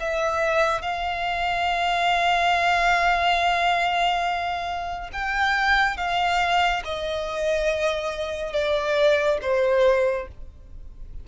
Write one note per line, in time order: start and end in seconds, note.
0.00 0.82 E5
0.82 5.11 F5
5.13 5.97 G5
5.97 6.83 F5
6.85 8.53 D#5
8.53 9.39 D5
9.42 10.28 C5